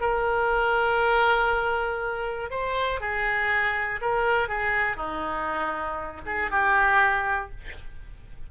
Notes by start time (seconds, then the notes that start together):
0.00 A#4
2.50 C5
3.00 G#4
4.01 A#4
4.48 G#4
4.96 D#4
6.25 G#4
6.50 G4